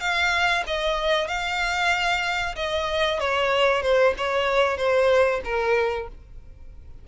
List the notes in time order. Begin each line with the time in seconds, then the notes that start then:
0.00 F5
0.67 D#5
1.28 F5
2.56 D#5
3.20 C#5
3.82 C5
4.18 C#5
4.77 C5
5.44 A#4